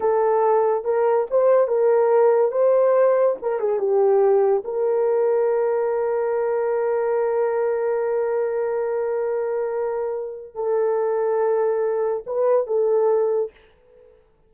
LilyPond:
\new Staff \with { instrumentName = "horn" } { \time 4/4 \tempo 4 = 142 a'2 ais'4 c''4 | ais'2 c''2 | ais'8 gis'8 g'2 ais'4~ | ais'1~ |
ais'1~ | ais'1~ | ais'4 a'2.~ | a'4 b'4 a'2 | }